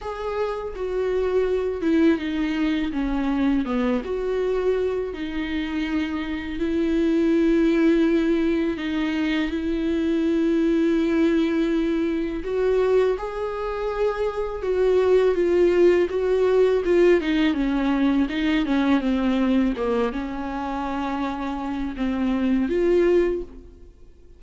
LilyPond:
\new Staff \with { instrumentName = "viola" } { \time 4/4 \tempo 4 = 82 gis'4 fis'4. e'8 dis'4 | cis'4 b8 fis'4. dis'4~ | dis'4 e'2. | dis'4 e'2.~ |
e'4 fis'4 gis'2 | fis'4 f'4 fis'4 f'8 dis'8 | cis'4 dis'8 cis'8 c'4 ais8 cis'8~ | cis'2 c'4 f'4 | }